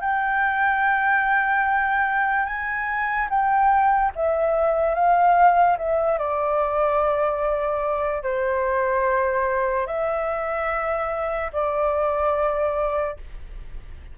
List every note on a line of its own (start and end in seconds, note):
0.00 2.45 G5
2.45 3.28 G#5
3.30 4.12 G5
4.15 4.95 E5
4.95 5.77 F5
5.78 6.18 E5
6.18 8.23 D5
8.23 9.86 C5
9.86 11.51 E5
11.53 13.17 D5